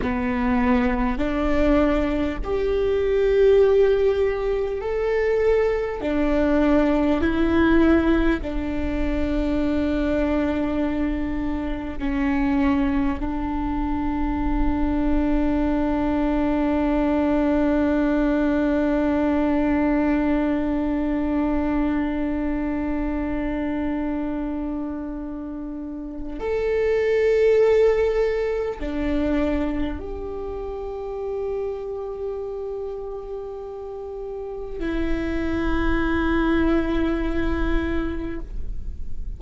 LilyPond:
\new Staff \with { instrumentName = "viola" } { \time 4/4 \tempo 4 = 50 b4 d'4 g'2 | a'4 d'4 e'4 d'4~ | d'2 cis'4 d'4~ | d'1~ |
d'1~ | d'2 a'2 | d'4 g'2.~ | g'4 e'2. | }